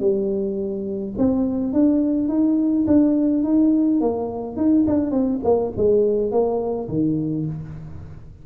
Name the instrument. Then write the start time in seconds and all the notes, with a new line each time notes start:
tuba
0.00 G3
1.18 C4
1.73 D4
2.29 D#4
2.87 D4
3.44 D#4
4.01 A#3
4.57 D#4
4.87 D4
5.11 C4
5.44 A#3
5.77 G#3
6.31 A#3
6.89 D#3